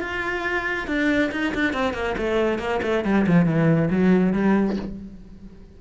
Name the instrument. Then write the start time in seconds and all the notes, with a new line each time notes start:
cello
0.00 F4
0.87 D4
1.31 D#4
1.54 D4
1.73 C4
1.93 A#3
2.17 A3
2.58 A#3
2.82 A3
3.04 G3
3.26 F3
3.45 E3
3.90 F#3
4.33 G3